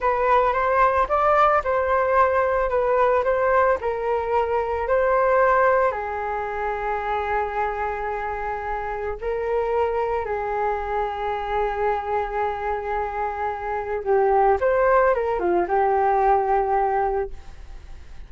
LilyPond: \new Staff \with { instrumentName = "flute" } { \time 4/4 \tempo 4 = 111 b'4 c''4 d''4 c''4~ | c''4 b'4 c''4 ais'4~ | ais'4 c''2 gis'4~ | gis'1~ |
gis'4 ais'2 gis'4~ | gis'1~ | gis'2 g'4 c''4 | ais'8 f'8 g'2. | }